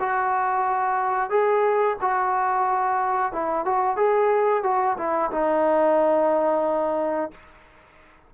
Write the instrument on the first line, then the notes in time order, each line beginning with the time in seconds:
trombone
0.00 F#4
1.30 G#4
2.02 F#4
3.33 E4
3.65 F#4
3.97 G#4
4.64 F#4
4.98 E4
5.32 D#4